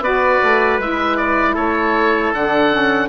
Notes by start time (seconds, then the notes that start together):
0.00 B3 F#4 B4 D5
0.43 A3
0.79 G#3 E4 E5
1.17 D5
1.54 A3 A4 C#5
2.33 D3 D4 F#5
2.72 C#4